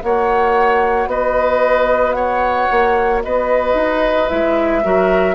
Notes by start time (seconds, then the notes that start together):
0.00 A#3 F#4 C#5 F#5
1.06 B3 B4 D#5
2.12 C#5 F#5
2.71 A#3
3.23 B3 B4 D#5
3.74 D#4
4.28 G#3 E4 E5
4.84 F#3 F#4 A#4